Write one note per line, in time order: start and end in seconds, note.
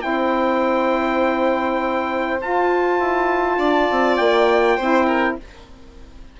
0.00 2.42 C4
0.00 2.38 E4
0.00 3.58 C5
0.00 2.39 G5
2.40 4.78 F4
2.40 2.99 F4
2.40 4.16 A5
2.99 3.58 E4
3.58 3.87 D4
3.58 4.76 D5
3.90 4.19 C4
4.16 4.78 A#3
4.16 5.35 G5
4.76 5.37 C4
4.76 5.39 E4
4.76 5.06 C5
5.06 5.36 A#4